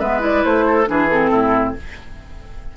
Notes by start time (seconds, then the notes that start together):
0.00 G#3 B3 B4 E5
0.20 E4 D5
0.44 A3 C5
0.67 A4
0.87 E3 D4 G#4 B4
1.09 C4 A4
1.31 A2 E4